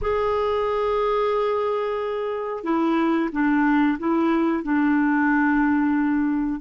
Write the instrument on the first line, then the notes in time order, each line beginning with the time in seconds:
clarinet
0.01 G#4
2.63 E4
3.31 D4
3.98 E4
4.63 D4